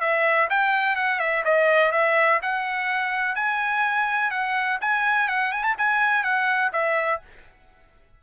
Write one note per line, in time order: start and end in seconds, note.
0.00 0.48 E5
0.50 0.96 G5
0.96 1.19 F#5
1.19 1.43 E5
1.44 1.92 D#5
1.92 2.40 E5
2.42 3.35 F#5
3.35 4.30 G#5
4.30 4.78 F#5
4.81 5.28 G#5
5.28 5.52 F#5
5.52 5.63 G#5
5.63 5.75 A5
5.78 6.23 G#5
6.23 6.71 F#5
6.73 7.21 E5